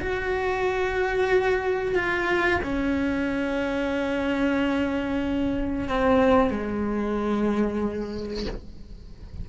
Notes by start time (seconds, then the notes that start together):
0.00 F#4
1.95 F4
2.64 C#4
5.89 C4
6.50 G#3